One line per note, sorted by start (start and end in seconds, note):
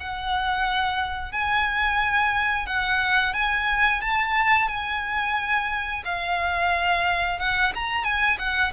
0.00 1.32 F#5
1.32 2.66 G#5
2.66 3.34 F#5
3.34 4.01 G#5
4.01 4.68 A5
4.68 6.03 G#5
6.05 7.39 F5
7.39 7.73 F#5
7.75 8.04 A#5
8.04 8.37 G#5
8.39 8.73 F#5